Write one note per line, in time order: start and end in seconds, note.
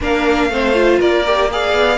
0.00 0.49 A#3
0.00 0.51 D4
0.00 0.50 A#4
0.00 1.00 F5
0.49 0.99 A3
0.49 0.73 C4
0.49 0.99 C5
0.73 1.23 F4
0.99 1.73 A#3
0.99 1.49 A#4
0.99 1.50 D5
1.25 1.50 G4
1.51 1.97 G#4
1.51 1.97 D5
1.51 1.97 F5
1.73 1.97 B3